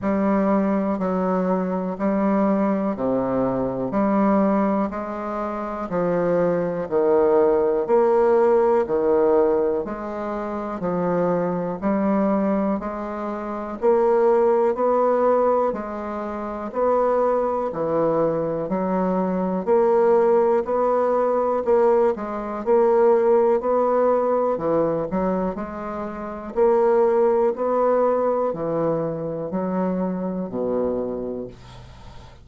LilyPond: \new Staff \with { instrumentName = "bassoon" } { \time 4/4 \tempo 4 = 61 g4 fis4 g4 c4 | g4 gis4 f4 dis4 | ais4 dis4 gis4 f4 | g4 gis4 ais4 b4 |
gis4 b4 e4 fis4 | ais4 b4 ais8 gis8 ais4 | b4 e8 fis8 gis4 ais4 | b4 e4 fis4 b,4 | }